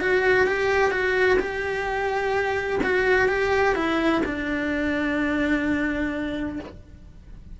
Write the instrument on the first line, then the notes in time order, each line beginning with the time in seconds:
cello
0.00 F#4
0.46 G4
0.91 F#4
1.39 G4
2.83 F#4
3.28 G4
3.75 E4
4.25 D4